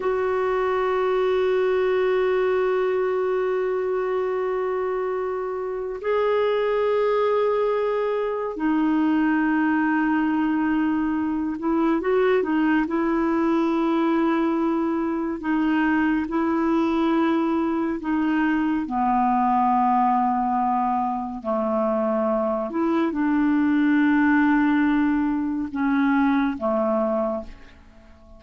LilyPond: \new Staff \with { instrumentName = "clarinet" } { \time 4/4 \tempo 4 = 70 fis'1~ | fis'2. gis'4~ | gis'2 dis'2~ | dis'4. e'8 fis'8 dis'8 e'4~ |
e'2 dis'4 e'4~ | e'4 dis'4 b2~ | b4 a4. e'8 d'4~ | d'2 cis'4 a4 | }